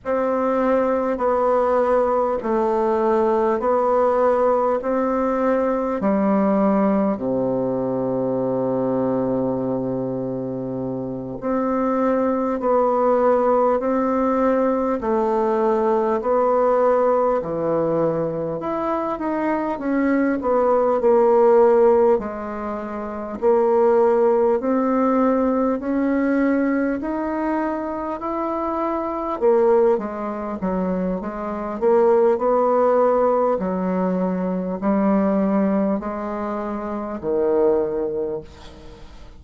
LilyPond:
\new Staff \with { instrumentName = "bassoon" } { \time 4/4 \tempo 4 = 50 c'4 b4 a4 b4 | c'4 g4 c2~ | c4. c'4 b4 c'8~ | c'8 a4 b4 e4 e'8 |
dis'8 cis'8 b8 ais4 gis4 ais8~ | ais8 c'4 cis'4 dis'4 e'8~ | e'8 ais8 gis8 fis8 gis8 ais8 b4 | fis4 g4 gis4 dis4 | }